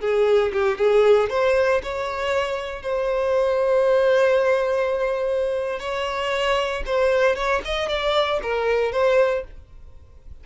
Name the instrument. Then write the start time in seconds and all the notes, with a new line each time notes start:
violin
0.00 G#4
0.52 G4
0.77 G#4
1.30 C5
1.82 C#5
2.82 C5
5.79 C#5
6.86 C5
7.35 C#5
7.64 D#5
7.88 D5
8.42 A#4
8.92 C5